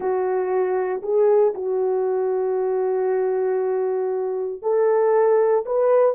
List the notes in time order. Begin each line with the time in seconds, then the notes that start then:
0.00 F#4
1.02 G#4
1.54 F#4
4.62 A4
5.65 B4